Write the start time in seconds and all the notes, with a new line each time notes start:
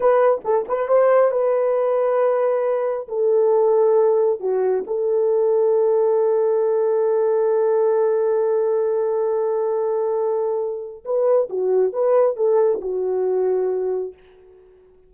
0.00 B4
0.44 A4
0.68 B4
0.87 C5
1.31 B4
3.07 A4
4.40 F#4
4.86 A4
11.04 B4
11.49 F#4
11.93 B4
12.36 A4
12.81 F#4